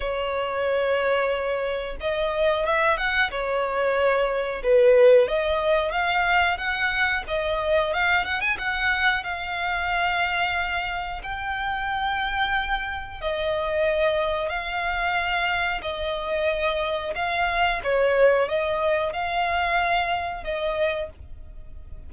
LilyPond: \new Staff \with { instrumentName = "violin" } { \time 4/4 \tempo 4 = 91 cis''2. dis''4 | e''8 fis''8 cis''2 b'4 | dis''4 f''4 fis''4 dis''4 | f''8 fis''16 gis''16 fis''4 f''2~ |
f''4 g''2. | dis''2 f''2 | dis''2 f''4 cis''4 | dis''4 f''2 dis''4 | }